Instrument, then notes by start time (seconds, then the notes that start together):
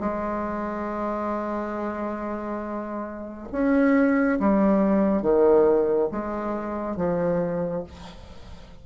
bassoon
0.00 G#3
3.52 C#4
4.40 G3
5.22 D#3
6.11 G#3
6.96 F3